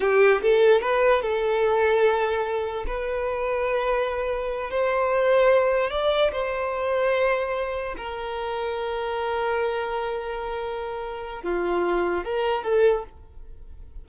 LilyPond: \new Staff \with { instrumentName = "violin" } { \time 4/4 \tempo 4 = 147 g'4 a'4 b'4 a'4~ | a'2. b'4~ | b'2.~ b'8 c''8~ | c''2~ c''8 d''4 c''8~ |
c''2.~ c''8 ais'8~ | ais'1~ | ais'1 | f'2 ais'4 a'4 | }